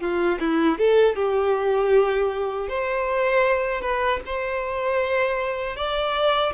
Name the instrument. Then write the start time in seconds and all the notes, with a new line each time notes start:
violin
0.00 F4
0.40 E4
0.78 A4
1.15 G4
2.68 C5
3.81 B4
4.26 C5
5.76 D5